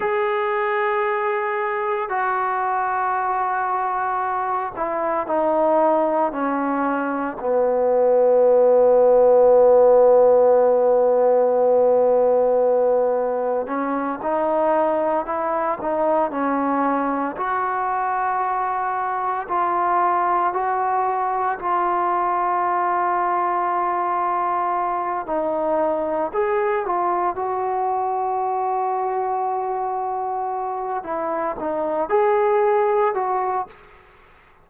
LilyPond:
\new Staff \with { instrumentName = "trombone" } { \time 4/4 \tempo 4 = 57 gis'2 fis'2~ | fis'8 e'8 dis'4 cis'4 b4~ | b1~ | b4 cis'8 dis'4 e'8 dis'8 cis'8~ |
cis'8 fis'2 f'4 fis'8~ | fis'8 f'2.~ f'8 | dis'4 gis'8 f'8 fis'2~ | fis'4. e'8 dis'8 gis'4 fis'8 | }